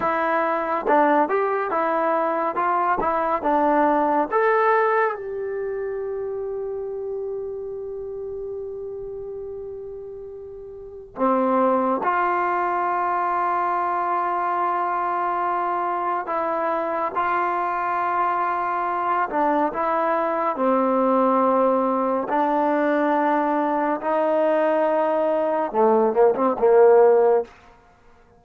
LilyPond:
\new Staff \with { instrumentName = "trombone" } { \time 4/4 \tempo 4 = 70 e'4 d'8 g'8 e'4 f'8 e'8 | d'4 a'4 g'2~ | g'1~ | g'4 c'4 f'2~ |
f'2. e'4 | f'2~ f'8 d'8 e'4 | c'2 d'2 | dis'2 a8 ais16 c'16 ais4 | }